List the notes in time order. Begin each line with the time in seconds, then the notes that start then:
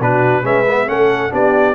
0.00 B2 D4 F#4 B4
0.43 G#3 C#4 B4 E5
0.68 B3
0.87 A3 C#4 A4 F#5
1.31 B3 D4 G4 D5